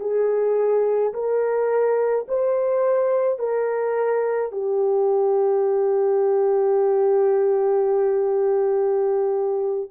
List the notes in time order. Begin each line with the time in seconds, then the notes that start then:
0.00 G#4
1.14 A#4
2.28 C5
3.39 A#4
4.52 G4